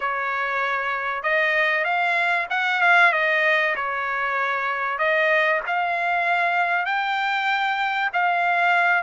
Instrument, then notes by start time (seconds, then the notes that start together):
trumpet
0.00 C#5
1.22 D#5
1.84 F5
2.49 F#5
2.81 F5
3.12 D#5
3.75 C#5
4.98 D#5
5.66 F5
6.85 G5
8.13 F5